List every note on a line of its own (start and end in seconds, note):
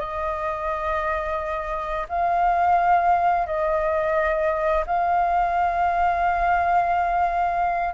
0.00 2.07 D#5
2.09 3.47 F5
3.47 4.85 D#5
4.87 7.94 F5